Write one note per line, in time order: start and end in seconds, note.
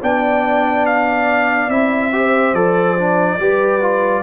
0.00 1.68 B3
0.00 1.70 D4
0.00 2.11 D5
0.00 0.86 G5
0.86 1.70 F5
1.68 2.53 C4
1.68 2.12 E4
1.68 2.54 E5
2.12 2.54 G4
2.12 3.39 C5
2.53 3.37 F3
2.53 2.97 A4
2.53 4.22 D5
2.97 3.39 D4
3.39 4.22 G3
3.39 3.81 G4
3.39 4.22 B4
3.81 4.22 F4